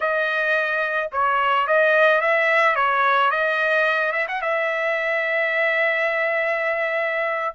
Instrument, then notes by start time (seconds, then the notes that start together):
trumpet
0.00 D#5
1.12 C#5
1.67 D#5
2.21 E5
2.75 C#5
3.30 D#5
4.12 E5
4.28 F#5
4.41 E5